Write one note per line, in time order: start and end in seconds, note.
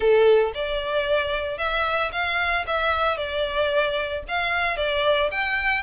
0.00 0.52 A4
0.54 1.58 D5
1.58 2.11 E5
2.12 2.65 F5
2.67 3.17 E5
3.17 4.23 D5
4.28 4.76 F5
4.76 5.30 D5
5.31 5.83 G5